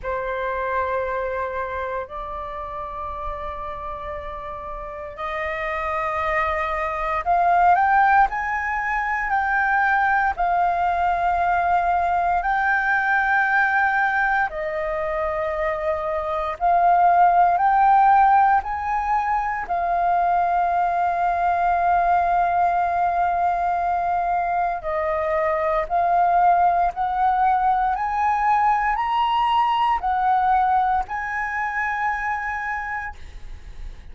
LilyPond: \new Staff \with { instrumentName = "flute" } { \time 4/4 \tempo 4 = 58 c''2 d''2~ | d''4 dis''2 f''8 g''8 | gis''4 g''4 f''2 | g''2 dis''2 |
f''4 g''4 gis''4 f''4~ | f''1 | dis''4 f''4 fis''4 gis''4 | ais''4 fis''4 gis''2 | }